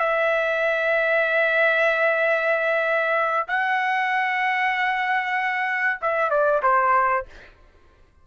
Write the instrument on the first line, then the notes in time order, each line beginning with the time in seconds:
trumpet
0.00 E5
3.48 F#5
6.02 E5
6.31 D5
6.63 C5